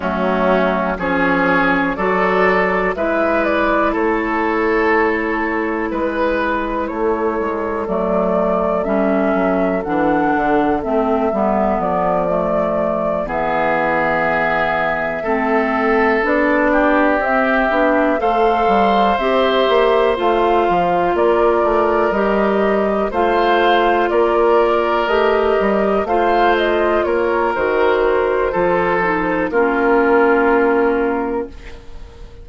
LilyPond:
<<
  \new Staff \with { instrumentName = "flute" } { \time 4/4 \tempo 4 = 61 fis'4 cis''4 d''4 e''8 d''8 | cis''2 b'4 cis''4 | d''4 e''4 fis''4 e''4 | d''4. e''2~ e''8~ |
e''8 d''4 e''4 f''4 e''8~ | e''8 f''4 d''4 dis''4 f''8~ | f''8 d''4 dis''4 f''8 dis''8 cis''8 | c''2 ais'2 | }
  \new Staff \with { instrumentName = "oboe" } { \time 4/4 cis'4 gis'4 a'4 b'4 | a'2 b'4 a'4~ | a'1~ | a'4. gis'2 a'8~ |
a'4 g'4. c''4.~ | c''4. ais'2 c''8~ | c''8 ais'2 c''4 ais'8~ | ais'4 a'4 f'2 | }
  \new Staff \with { instrumentName = "clarinet" } { \time 4/4 a4 cis'4 fis'4 e'4~ | e'1 | a4 cis'4 d'4 c'8 b8~ | b8 a4 b2 c'8~ |
c'8 d'4 c'8 d'8 a'4 g'8~ | g'8 f'2 g'4 f'8~ | f'4. g'4 f'4. | fis'4 f'8 dis'8 cis'2 | }
  \new Staff \with { instrumentName = "bassoon" } { \time 4/4 fis4 f4 fis4 gis4 | a2 gis4 a8 gis8 | fis4 g8 fis8 e8 d8 a8 g8 | f4. e2 a8~ |
a8 b4 c'8 b8 a8 g8 c'8 | ais8 a8 f8 ais8 a8 g4 a8~ | a8 ais4 a8 g8 a4 ais8 | dis4 f4 ais2 | }
>>